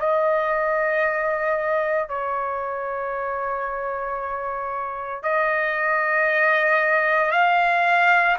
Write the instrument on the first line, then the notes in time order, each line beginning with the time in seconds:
trumpet
0.00 D#5
2.09 C#5
5.23 D#5
7.32 F5